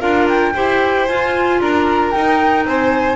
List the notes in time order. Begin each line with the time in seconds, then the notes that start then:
0.00 D4 F4 A#4 F5
0.29 G5
0.54 E4 G4 C5
1.07 F4 G#5
1.61 D4 A#4 A#5
2.11 D#4 G5
2.65 C4 C5 G#5